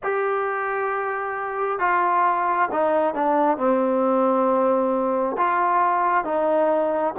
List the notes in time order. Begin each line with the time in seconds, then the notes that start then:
0.03 G4
1.79 F4
2.71 D#4
3.14 D4
3.57 C4
5.37 F4
6.24 D#4